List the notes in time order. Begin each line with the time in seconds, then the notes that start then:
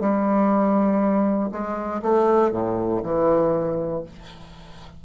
0.00 G3
1.51 G#3
2.02 A3
2.51 A2
3.03 E3